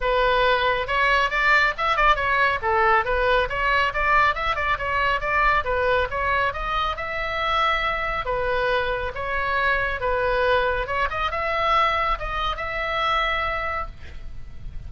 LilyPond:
\new Staff \with { instrumentName = "oboe" } { \time 4/4 \tempo 4 = 138 b'2 cis''4 d''4 | e''8 d''8 cis''4 a'4 b'4 | cis''4 d''4 e''8 d''8 cis''4 | d''4 b'4 cis''4 dis''4 |
e''2. b'4~ | b'4 cis''2 b'4~ | b'4 cis''8 dis''8 e''2 | dis''4 e''2. | }